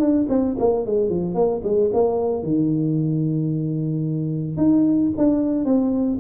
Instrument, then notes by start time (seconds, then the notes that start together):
tuba
0.00 D4
0.29 C4
0.59 A#3
0.86 G#3
1.09 F3
1.35 A#3
1.64 G#3
1.93 A#3
2.43 D#3
4.57 D#4
5.17 D4
5.65 C4